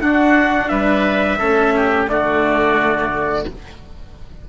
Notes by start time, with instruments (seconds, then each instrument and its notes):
0.00 bassoon D4, cello D4, oboe F#4, trumpet F#5
0.69 bassoon G3, oboe B4, trumpet E5
1.38 bassoon A3, cello C#4, oboe A4
1.76 oboe G4
2.07 bassoon D3, cello A3, oboe F#4, trumpet D5